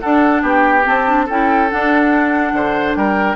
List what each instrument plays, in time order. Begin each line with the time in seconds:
0.00 clarinet D4, bassoon D4, oboe A4, flute F#5
0.42 bassoon B3, oboe G4, flute G5
0.83 clarinet C4, bassoon C4, flute A5
1.07 clarinet D4
1.26 bassoon C#4, clarinet E4, oboe A4, flute G5
1.70 clarinet D4, bassoon D4, flute F#5
2.53 bassoon D3, oboe C5
2.95 bassoon G3, oboe A#4, flute G5